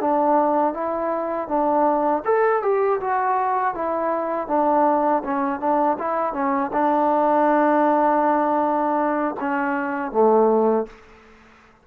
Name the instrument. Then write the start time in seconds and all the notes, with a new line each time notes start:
trombone
0.00 D4
0.73 E4
1.48 D4
2.25 A4
2.62 G4
3.00 F#4
3.74 E4
4.47 D4
5.24 C#4
5.59 D4
5.98 E4
6.33 C#4
6.72 D4
9.40 C#4
10.11 A3